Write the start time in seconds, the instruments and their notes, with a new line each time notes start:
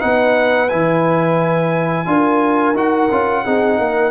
0.00 tuba B3, trombone D#4, horn B4, trumpet F#5
0.69 tuba E3, trombone E4, trumpet G#5
2.06 tuba D4, trombone F4, horn A#4
2.74 tuba D#4, trombone F#4, trumpet F#5
3.11 tuba C#4, trombone F4
3.44 tuba C4, trombone D#4, horn G#4
3.78 tuba A#3, horn A#4